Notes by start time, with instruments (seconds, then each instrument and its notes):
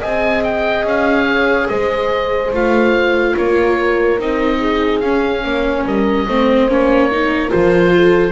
0.00 double bass C4, viola G#4, horn D#5, oboe G#5
0.44 oboe G5
0.84 double bass C#4, oboe F5
1.27 horn C#5
1.68 double bass G#3, horn C5, oboe D#5
2.52 double bass A3, viola F4, oboe F5
3.37 double bass A#3, horn A#4, oboe C#5
4.19 double bass C4, viola D#4, oboe D#5
4.59 horn G#4
5.00 double bass C#4, viola C#4, oboe F5
5.44 double bass A#3, horn C#5
5.85 double bass G3, horn A#4, oboe D#5
6.27 double bass A3, viola C4, horn C5
6.68 double bass A#3, viola C#4, oboe C#5
7.11 viola D#4, horn A#4
7.49 double bass F3, viola F4, oboe C5
7.95 horn A4